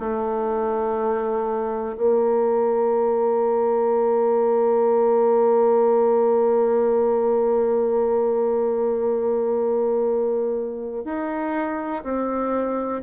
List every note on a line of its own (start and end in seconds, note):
0.00 1.97 A3
1.98 11.05 A#3
11.05 12.03 D#4
12.04 13.02 C4